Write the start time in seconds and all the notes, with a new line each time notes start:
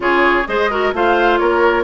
0.00 C#3 F4 G#4 C#5
0.47 G#3 G#4 C5 D#5
0.70 F#4 A#4
0.92 A3 F4 C5 F5
1.38 A#3 A#4 C#5